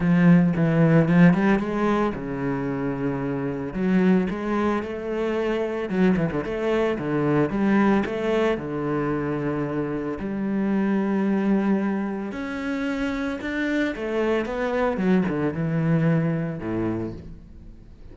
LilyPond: \new Staff \with { instrumentName = "cello" } { \time 4/4 \tempo 4 = 112 f4 e4 f8 g8 gis4 | cis2. fis4 | gis4 a2 fis8 e16 d16 | a4 d4 g4 a4 |
d2. g4~ | g2. cis'4~ | cis'4 d'4 a4 b4 | fis8 d8 e2 a,4 | }